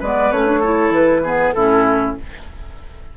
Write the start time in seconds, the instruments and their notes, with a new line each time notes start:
0.00 bassoon G#3, clarinet B3, oboe B4, flute D5
0.32 bassoon A3, clarinet C#4, flute C#5
0.46 clarinet D4
0.60 clarinet E4, oboe A4
0.90 bassoon E3, flute B4
1.24 clarinet B3, oboe G#4
1.53 bassoon A2, clarinet C#4, oboe E4, flute A4